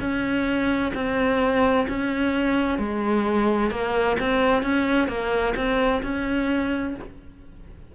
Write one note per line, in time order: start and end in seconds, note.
0.00 0.92 C#4
0.94 1.87 C4
1.89 2.79 C#4
2.79 3.71 G#3
3.71 4.17 A#3
4.20 4.63 C4
4.63 5.08 C#4
5.08 5.54 A#3
5.56 6.02 C4
6.03 6.95 C#4